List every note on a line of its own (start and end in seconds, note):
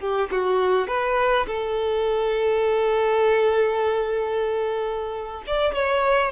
0.00 0.29 G4
0.32 0.88 F#4
0.88 1.47 B4
1.47 5.44 A4
5.47 5.74 D5
5.74 6.32 C#5